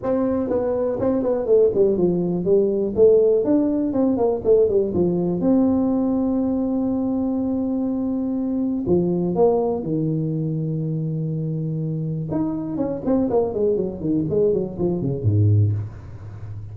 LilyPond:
\new Staff \with { instrumentName = "tuba" } { \time 4/4 \tempo 4 = 122 c'4 b4 c'8 b8 a8 g8 | f4 g4 a4 d'4 | c'8 ais8 a8 g8 f4 c'4~ | c'1~ |
c'2 f4 ais4 | dis1~ | dis4 dis'4 cis'8 c'8 ais8 gis8 | fis8 dis8 gis8 fis8 f8 cis8 gis,4 | }